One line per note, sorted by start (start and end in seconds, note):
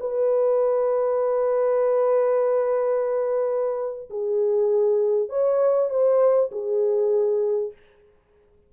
0.00 4.09 B4
4.10 5.29 G#4
5.29 5.90 C#5
5.90 6.51 C5
6.52 7.73 G#4